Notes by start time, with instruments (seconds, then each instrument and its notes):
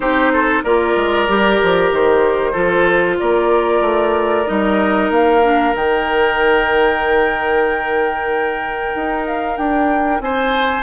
0.00 bassoon C4, clarinet D#4, oboe G4, flute C5
0.32 oboe A4
0.63 bassoon A#3, clarinet F4, oboe A#4, flute D5
0.96 bassoon G#3
1.28 bassoon G3, clarinet G4
1.62 bassoon F3
1.91 bassoon D#3, flute C5
2.52 bassoon F3, clarinet F4, oboe A4
3.19 bassoon A#3, oboe A#4, flute D5
3.80 bassoon A3
4.46 bassoon G3, clarinet D#4, flute D#5
5.09 bassoon A#3, flute F5
5.43 clarinet D4
5.74 bassoon D#3, clarinet D#4, flute G5
8.95 bassoon D#4
9.27 flute F5
9.56 bassoon D4, flute G5
10.20 bassoon C4, oboe C5, flute G#5